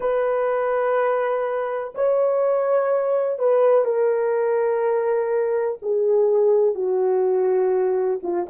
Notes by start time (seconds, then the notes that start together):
0.00 B4
1.94 C#5
3.39 B4
3.84 A#4
5.82 G#4
6.75 F#4
8.23 F4